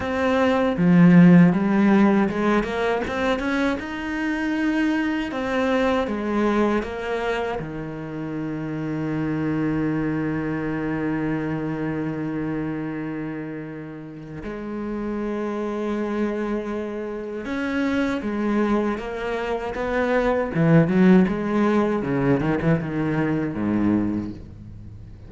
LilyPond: \new Staff \with { instrumentName = "cello" } { \time 4/4 \tempo 4 = 79 c'4 f4 g4 gis8 ais8 | c'8 cis'8 dis'2 c'4 | gis4 ais4 dis2~ | dis1~ |
dis2. gis4~ | gis2. cis'4 | gis4 ais4 b4 e8 fis8 | gis4 cis8 dis16 e16 dis4 gis,4 | }